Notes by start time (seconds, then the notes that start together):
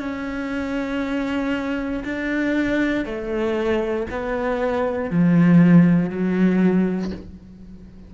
0.00 C#4
2.04 D4
3.06 A3
4.10 B3
5.10 F3
6.10 F#3